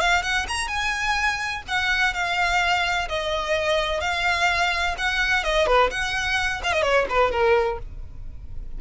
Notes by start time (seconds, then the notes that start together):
0.00 F5
0.23 F#5
0.48 A#5
0.68 G#5
1.68 F#5
2.14 F5
3.08 D#5
4.01 F5
4.98 F#5
5.44 D#5
5.66 B4
5.91 F#5
6.63 F5
6.73 D#5
6.82 C#5
7.09 B4
7.31 A#4